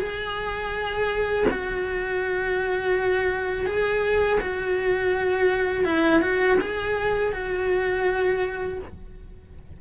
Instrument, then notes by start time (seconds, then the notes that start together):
cello
0.00 G#4
1.51 F#4
3.67 G#4
4.41 F#4
5.85 E4
6.22 F#4
6.61 G#4
7.33 F#4